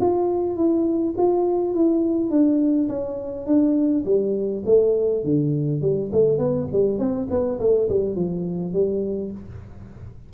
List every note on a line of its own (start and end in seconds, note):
0.00 0.56 F4
0.56 1.15 E4
1.17 1.74 F4
1.74 2.30 E4
2.30 2.88 D4
2.89 3.46 C#4
3.46 4.04 D4
4.05 4.63 G3
4.65 5.24 A3
5.24 5.82 D3
5.82 6.11 G3
6.12 6.38 A3
6.38 6.68 B3
6.72 6.98 G3
6.98 7.28 C4
7.30 7.59 B3
7.59 7.89 A3
7.89 8.15 G3
8.15 8.73 F3
8.73 9.31 G3